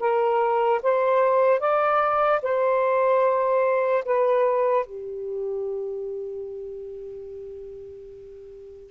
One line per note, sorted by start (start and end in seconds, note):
0.00 0.81 A#4
0.83 1.60 C5
1.60 2.41 D5
2.43 4.05 C5
4.05 4.86 B4
4.86 8.92 G4